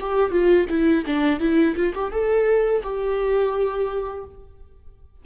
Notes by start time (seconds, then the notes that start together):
0.00 G4
0.31 F4
0.70 E4
1.07 D4
1.40 E4
1.76 F4
1.95 G4
2.12 A4
2.83 G4